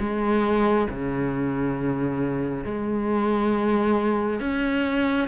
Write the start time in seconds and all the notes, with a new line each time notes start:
0.00 G#3
0.90 C#3
2.65 G#3
4.41 C#4